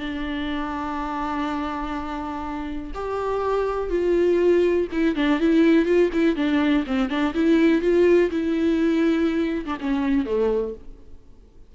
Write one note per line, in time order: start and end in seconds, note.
0.00 2.93 D4
2.95 3.90 G4
3.90 4.88 F4
4.92 5.16 E4
5.16 5.40 D4
5.40 5.86 E4
5.86 6.10 F4
6.13 6.36 E4
6.36 6.85 D4
6.87 7.10 C4
7.10 7.34 D4
7.35 7.82 E4
7.82 8.31 F4
8.31 9.65 E4
9.66 9.78 D4
9.81 10.26 C#4
10.26 10.74 A3